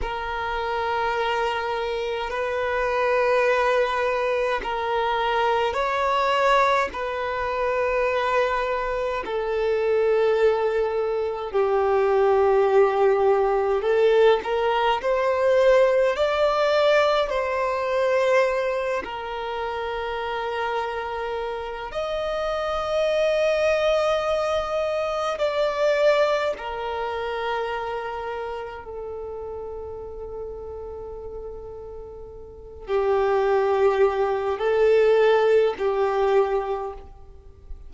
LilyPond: \new Staff \with { instrumentName = "violin" } { \time 4/4 \tempo 4 = 52 ais'2 b'2 | ais'4 cis''4 b'2 | a'2 g'2 | a'8 ais'8 c''4 d''4 c''4~ |
c''8 ais'2~ ais'8 dis''4~ | dis''2 d''4 ais'4~ | ais'4 a'2.~ | a'8 g'4. a'4 g'4 | }